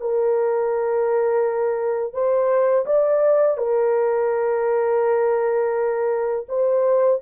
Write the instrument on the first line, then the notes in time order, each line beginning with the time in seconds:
horn
0.00 A#4
2.13 C5
2.86 D5
3.57 A#4
6.49 C5